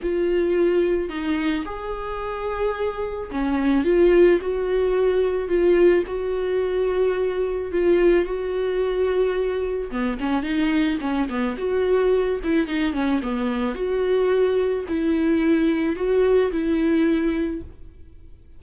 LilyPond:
\new Staff \with { instrumentName = "viola" } { \time 4/4 \tempo 4 = 109 f'2 dis'4 gis'4~ | gis'2 cis'4 f'4 | fis'2 f'4 fis'4~ | fis'2 f'4 fis'4~ |
fis'2 b8 cis'8 dis'4 | cis'8 b8 fis'4. e'8 dis'8 cis'8 | b4 fis'2 e'4~ | e'4 fis'4 e'2 | }